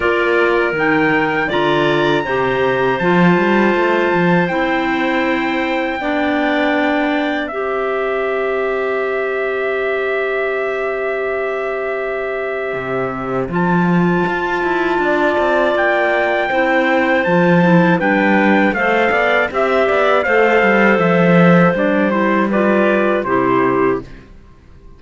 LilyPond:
<<
  \new Staff \with { instrumentName = "trumpet" } { \time 4/4 \tempo 4 = 80 d''4 g''4 ais''2 | a''2 g''2~ | g''2 e''2~ | e''1~ |
e''2 a''2~ | a''4 g''2 a''4 | g''4 f''4 e''4 f''4 | e''4 d''8 c''8 d''4 c''4 | }
  \new Staff \with { instrumentName = "clarinet" } { \time 4/4 ais'2 d''4 c''4~ | c''1 | d''2 c''2~ | c''1~ |
c''1 | d''2 c''2 | b'4 c''8 d''8 e''8 d''8 c''4~ | c''2 b'4 g'4 | }
  \new Staff \with { instrumentName = "clarinet" } { \time 4/4 f'4 dis'4 f'4 g'4 | f'2 e'2 | d'2 g'2~ | g'1~ |
g'2 f'2~ | f'2 e'4 f'8 e'8 | d'4 a'4 g'4 a'4~ | a'4 d'8 e'8 f'4 e'4 | }
  \new Staff \with { instrumentName = "cello" } { \time 4/4 ais4 dis4 d4 c4 | f8 g8 a8 f8 c'2 | b2 c'2~ | c'1~ |
c'4 c4 f4 f'8 e'8 | d'8 c'8 ais4 c'4 f4 | g4 a8 b8 c'8 b8 a8 g8 | f4 g2 c4 | }
>>